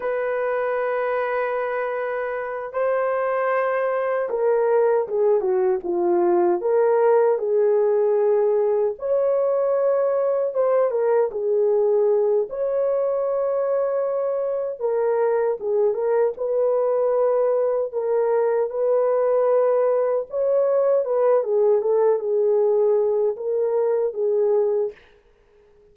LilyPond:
\new Staff \with { instrumentName = "horn" } { \time 4/4 \tempo 4 = 77 b'2.~ b'8 c''8~ | c''4. ais'4 gis'8 fis'8 f'8~ | f'8 ais'4 gis'2 cis''8~ | cis''4. c''8 ais'8 gis'4. |
cis''2. ais'4 | gis'8 ais'8 b'2 ais'4 | b'2 cis''4 b'8 gis'8 | a'8 gis'4. ais'4 gis'4 | }